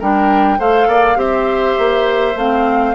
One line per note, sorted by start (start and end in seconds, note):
0.00 0.59 G3
0.00 0.59 D4
0.00 0.59 A#4
0.00 0.61 G5
0.59 0.88 A3
0.59 1.16 A4
0.59 0.88 C5
0.59 1.20 F5
0.88 1.16 A#3
0.88 1.18 D5
1.16 1.76 C4
1.16 2.35 G4
1.16 2.96 C5
1.16 2.38 E5
1.79 2.36 A#3
2.36 2.95 A3
2.36 2.96 C4
2.36 2.96 F5